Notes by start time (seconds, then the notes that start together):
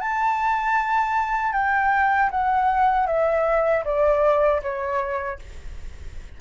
0.00 A5
1.52 G5
2.31 F#5
3.07 E5
3.84 D5
4.62 C#5